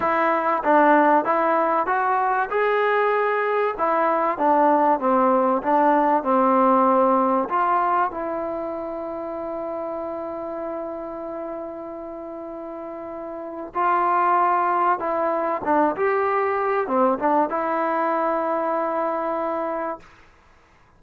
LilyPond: \new Staff \with { instrumentName = "trombone" } { \time 4/4 \tempo 4 = 96 e'4 d'4 e'4 fis'4 | gis'2 e'4 d'4 | c'4 d'4 c'2 | f'4 e'2.~ |
e'1~ | e'2 f'2 | e'4 d'8 g'4. c'8 d'8 | e'1 | }